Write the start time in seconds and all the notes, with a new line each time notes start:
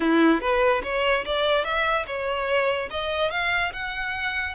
0.00 E4
0.40 B4
0.83 C#5
1.25 D5
1.64 E5
2.06 C#5
2.90 D#5
3.30 F5
3.72 F#5